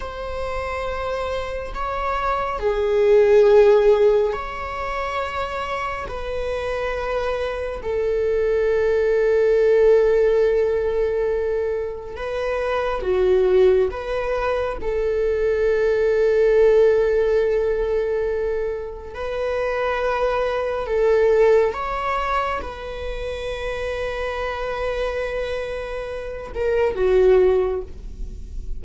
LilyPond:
\new Staff \with { instrumentName = "viola" } { \time 4/4 \tempo 4 = 69 c''2 cis''4 gis'4~ | gis'4 cis''2 b'4~ | b'4 a'2.~ | a'2 b'4 fis'4 |
b'4 a'2.~ | a'2 b'2 | a'4 cis''4 b'2~ | b'2~ b'8 ais'8 fis'4 | }